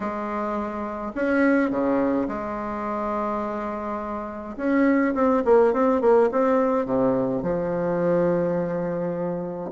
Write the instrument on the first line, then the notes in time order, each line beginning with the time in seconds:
bassoon
0.00 G#3
1.15 C#4
1.70 C#3
2.28 G#3
4.57 C#4
5.14 C4
5.44 A#3
5.73 C4
6.01 A#3
6.31 C4
6.85 C3
7.42 F3